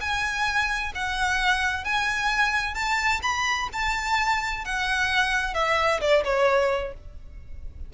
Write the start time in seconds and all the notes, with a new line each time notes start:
0.00 G#5
0.94 F#5
1.84 G#5
2.74 A5
3.22 B5
3.73 A5
4.65 F#5
5.54 E5
6.01 D5
6.24 C#5